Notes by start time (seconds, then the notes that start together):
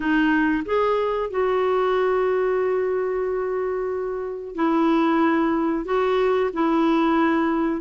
0.00 D#4
0.65 G#4
1.30 F#4
4.55 E4
5.85 F#4
6.53 E4